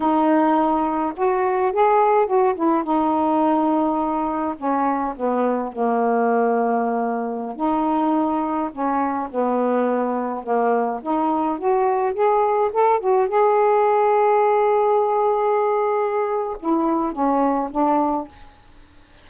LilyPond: \new Staff \with { instrumentName = "saxophone" } { \time 4/4 \tempo 4 = 105 dis'2 fis'4 gis'4 | fis'8 e'8 dis'2. | cis'4 b4 ais2~ | ais4~ ais16 dis'2 cis'8.~ |
cis'16 b2 ais4 dis'8.~ | dis'16 fis'4 gis'4 a'8 fis'8 gis'8.~ | gis'1~ | gis'4 e'4 cis'4 d'4 | }